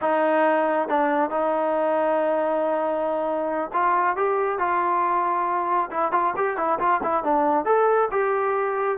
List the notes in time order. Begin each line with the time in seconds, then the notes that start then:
0.01 D#4
0.88 D4
1.30 D#4
3.73 F4
4.16 G4
4.58 F4
5.90 E4
6.12 F4
6.36 G4
6.57 E4
6.79 F4
7.03 E4
7.23 D4
7.65 A4
8.11 G4